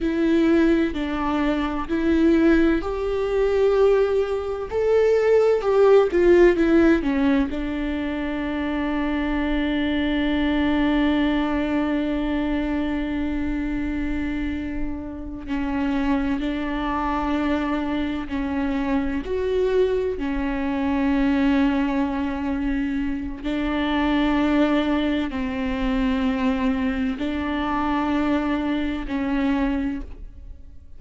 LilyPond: \new Staff \with { instrumentName = "viola" } { \time 4/4 \tempo 4 = 64 e'4 d'4 e'4 g'4~ | g'4 a'4 g'8 f'8 e'8 cis'8 | d'1~ | d'1~ |
d'8 cis'4 d'2 cis'8~ | cis'8 fis'4 cis'2~ cis'8~ | cis'4 d'2 c'4~ | c'4 d'2 cis'4 | }